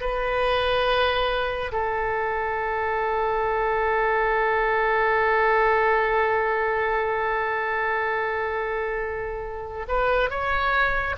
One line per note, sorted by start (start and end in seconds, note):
0.00 1.71 B4
1.72 9.86 A4
9.88 10.30 B4
10.30 11.15 C#5